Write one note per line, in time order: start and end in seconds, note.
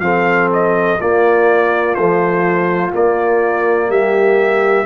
0.00 0.97 F3
0.00 0.99 C4
0.00 1.00 A4
0.00 0.48 F5
0.53 1.01 D#5
1.00 1.98 A#3
1.00 1.96 A#3
1.00 3.90 F4
1.00 1.95 D5
1.95 2.92 F3
1.95 2.93 A3
1.95 2.92 C5
2.92 4.86 A#3
2.92 3.89 A#3
2.92 3.91 D5
3.89 4.86 G3
3.89 4.86 G4
3.89 4.86 E5